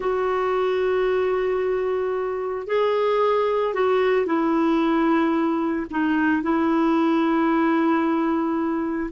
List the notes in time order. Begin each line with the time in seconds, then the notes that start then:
0.00 F#4
2.66 G#4
3.74 F#4
4.25 E4
5.90 D#4
6.42 E4